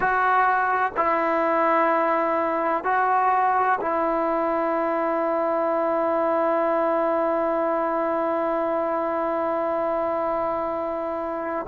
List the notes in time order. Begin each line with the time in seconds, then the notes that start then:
0.00 F#4
0.96 E4
2.84 F#4
3.81 E4